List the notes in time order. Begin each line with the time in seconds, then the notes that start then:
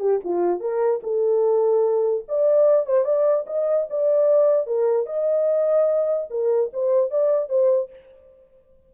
0.00 G4
0.24 F4
0.60 A#4
1.03 A4
2.28 D5
2.86 C5
3.04 D5
3.47 D#5
3.90 D5
4.67 A#4
5.06 D#5
6.30 A#4
6.73 C5
7.11 D5
7.49 C5